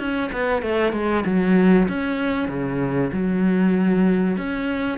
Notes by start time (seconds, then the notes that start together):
0.00 C#4
0.33 B3
0.63 A3
0.93 G#3
1.26 F#3
1.89 C#4
2.49 C#3
3.13 F#3
4.38 C#4